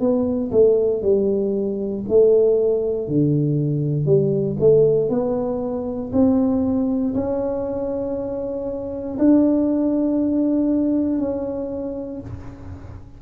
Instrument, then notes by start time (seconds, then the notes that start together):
tuba
0.00 B3
0.51 A3
1.02 G3
2.08 A3
3.07 D3
4.05 G3
4.59 A3
5.09 B3
6.12 C4
7.14 C#4
9.18 D4
11.19 C#4